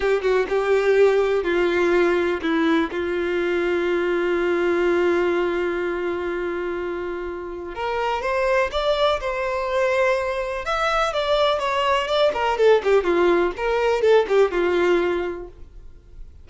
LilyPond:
\new Staff \with { instrumentName = "violin" } { \time 4/4 \tempo 4 = 124 g'8 fis'8 g'2 f'4~ | f'4 e'4 f'2~ | f'1~ | f'1 |
ais'4 c''4 d''4 c''4~ | c''2 e''4 d''4 | cis''4 d''8 ais'8 a'8 g'8 f'4 | ais'4 a'8 g'8 f'2 | }